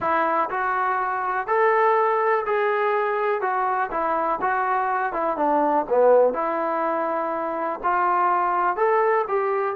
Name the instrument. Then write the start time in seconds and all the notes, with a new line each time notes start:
trombone
0.00 E4
0.50 F#4
1.47 A4
2.45 G#4
3.41 F#4
3.90 E4
4.41 F#4
5.12 E4
5.37 D4
5.89 B3
6.33 E4
7.83 F4
8.76 A4
9.27 G4